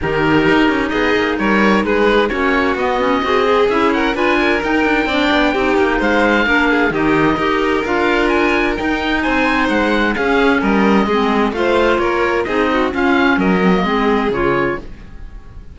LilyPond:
<<
  \new Staff \with { instrumentName = "oboe" } { \time 4/4 \tempo 4 = 130 ais'2 dis''4 cis''4 | b'4 cis''4 dis''2 | e''8 fis''8 gis''4 g''2~ | g''4 f''2 dis''4~ |
dis''4 f''4 gis''4 g''4 | gis''4 fis''4 f''4 dis''4~ | dis''4 f''4 cis''4 dis''4 | f''4 dis''2 cis''4 | }
  \new Staff \with { instrumentName = "violin" } { \time 4/4 g'2 gis'4 ais'4 | gis'4 fis'2 gis'4~ | gis'8 ais'8 b'8 ais'4. d''4 | g'4 c''4 ais'8 gis'8 g'4 |
ais'1 | c''2 gis'4 ais'4 | gis'4 c''4 ais'4 gis'8 fis'8 | f'4 ais'4 gis'2 | }
  \new Staff \with { instrumentName = "clarinet" } { \time 4/4 dis'1~ | dis'4 cis'4 b8 cis'8 fis'8 gis'8 | e'4 f'4 dis'4 d'4 | dis'2 d'4 dis'4 |
g'4 f'2 dis'4~ | dis'2 cis'2 | c'4 f'2 dis'4 | cis'4. c'16 ais16 c'4 f'4 | }
  \new Staff \with { instrumentName = "cello" } { \time 4/4 dis4 dis'8 cis'8 b8 ais8 g4 | gis4 ais4 b4 c'4 | cis'4 d'4 dis'8 d'8 c'8 b8 | c'8 ais8 gis4 ais4 dis4 |
dis'4 d'2 dis'4 | c'4 gis4 cis'4 g4 | gis4 a4 ais4 c'4 | cis'4 fis4 gis4 cis4 | }
>>